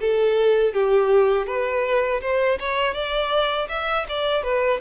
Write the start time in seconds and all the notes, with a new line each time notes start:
0.00 A4
0.73 G4
1.46 B4
2.21 C5
2.59 C#5
2.93 D5
3.68 E5
4.08 D5
4.43 B4